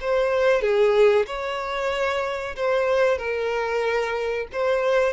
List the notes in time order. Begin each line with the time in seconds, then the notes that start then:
0.00 C5
0.61 G#4
1.26 C#5
2.55 C5
3.18 A#4
4.52 C5